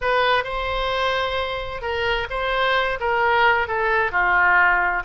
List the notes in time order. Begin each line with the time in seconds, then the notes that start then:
0.01 B4
0.44 C5
1.81 A#4
2.30 C5
3.00 A#4
3.67 A4
4.11 F4